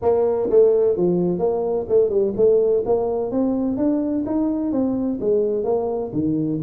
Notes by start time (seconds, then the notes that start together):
0.02 A#3
0.50 A3
0.96 F3
1.39 A#3
1.88 A3
2.09 G3
2.36 A3
2.85 A#3
3.31 C4
3.77 D4
4.26 D#4
4.72 C4
5.20 G#3
5.64 A#3
6.12 D#3